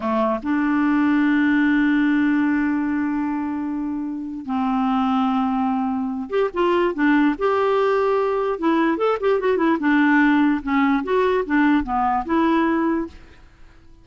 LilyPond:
\new Staff \with { instrumentName = "clarinet" } { \time 4/4 \tempo 4 = 147 a4 d'2.~ | d'1~ | d'2. c'4~ | c'2.~ c'8 g'8 |
f'4 d'4 g'2~ | g'4 e'4 a'8 g'8 fis'8 e'8 | d'2 cis'4 fis'4 | d'4 b4 e'2 | }